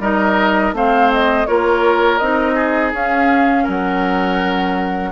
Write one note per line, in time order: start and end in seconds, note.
0.00 0.73 G3
0.00 0.74 D#4
0.00 0.75 A#4
0.00 0.75 D#5
0.73 1.46 A3
0.73 1.48 C4
0.73 1.48 C5
0.73 1.13 F5
1.13 1.46 D#5
1.46 2.21 A#3
1.46 2.21 F4
1.46 2.55 A#4
1.46 2.19 C#5
2.19 2.93 C4
2.19 2.95 D#4
2.19 2.92 D#5
2.55 3.64 G#4
2.93 3.66 C#4
2.93 5.13 C#4
2.93 3.69 F5
3.64 5.13 F#3
3.64 5.10 A#4
3.64 5.13 F#5